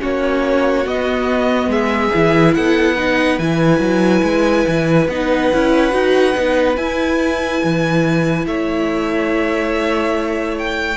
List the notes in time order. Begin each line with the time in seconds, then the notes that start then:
0.00 A#3 C#4 F#4 C#5
0.85 B3 D#5
1.67 G#3 G#4 E5
2.13 E3 E4
2.54 B3 A4 F#5
2.95 D#4 B4
3.38 E3 E4 G#5
3.79 F#3
4.22 G#3
4.67 E3
5.08 B3 D#4 F#5
5.52 C#4 E4
5.90 D#4 F#4
6.34 B3 D#4
6.76 E4 G#5
7.63 E3
8.46 A3 C#5 E5
10.58 G5